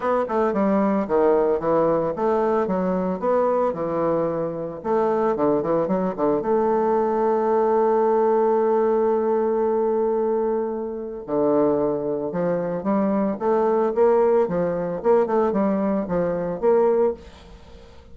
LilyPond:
\new Staff \with { instrumentName = "bassoon" } { \time 4/4 \tempo 4 = 112 b8 a8 g4 dis4 e4 | a4 fis4 b4 e4~ | e4 a4 d8 e8 fis8 d8 | a1~ |
a1~ | a4 d2 f4 | g4 a4 ais4 f4 | ais8 a8 g4 f4 ais4 | }